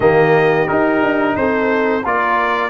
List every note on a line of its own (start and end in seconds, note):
0.00 0.65 D#3
0.00 0.66 A#3
0.00 1.36 G4
0.00 0.68 D#5
0.66 2.03 D#4
0.66 1.01 D#4
0.66 1.36 A#4
1.01 1.35 D4
1.36 2.04 C4
1.36 2.05 A4
1.36 2.04 C5
2.04 2.69 A#3
2.04 2.69 F4
2.04 2.69 A#4
2.04 2.69 D5